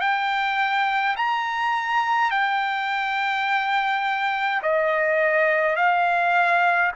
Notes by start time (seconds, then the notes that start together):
0.00 G5
1.16 A#5
2.31 G5
4.62 D#5
5.76 F5